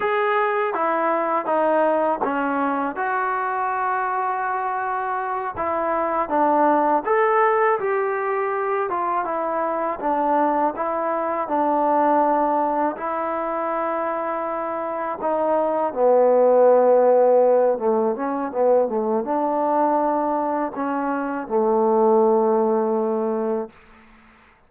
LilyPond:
\new Staff \with { instrumentName = "trombone" } { \time 4/4 \tempo 4 = 81 gis'4 e'4 dis'4 cis'4 | fis'2.~ fis'8 e'8~ | e'8 d'4 a'4 g'4. | f'8 e'4 d'4 e'4 d'8~ |
d'4. e'2~ e'8~ | e'8 dis'4 b2~ b8 | a8 cis'8 b8 a8 d'2 | cis'4 a2. | }